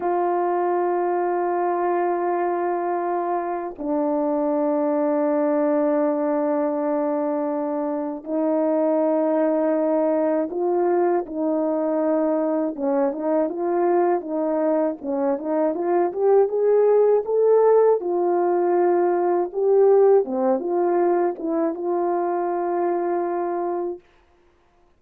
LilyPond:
\new Staff \with { instrumentName = "horn" } { \time 4/4 \tempo 4 = 80 f'1~ | f'4 d'2.~ | d'2. dis'4~ | dis'2 f'4 dis'4~ |
dis'4 cis'8 dis'8 f'4 dis'4 | cis'8 dis'8 f'8 g'8 gis'4 a'4 | f'2 g'4 c'8 f'8~ | f'8 e'8 f'2. | }